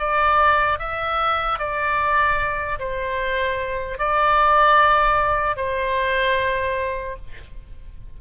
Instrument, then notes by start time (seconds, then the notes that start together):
oboe
0.00 D5
0.79 E5
1.59 D5
2.80 C5
3.99 D5
5.57 C5